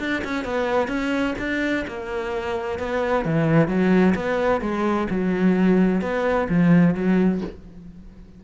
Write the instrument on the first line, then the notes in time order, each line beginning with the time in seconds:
cello
0.00 D4
0.25 C#4
0.45 B3
0.89 C#4
1.39 D4
1.88 A#3
2.79 B3
3.26 E3
3.68 F#3
4.15 B3
4.62 G#3
5.11 F#3
6.02 B3
6.50 F3
6.95 F#3